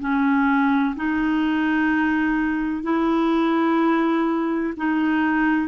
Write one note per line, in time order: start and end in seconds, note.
0.00 0.95 C#4
0.97 2.84 D#4
2.84 4.74 E4
4.77 5.68 D#4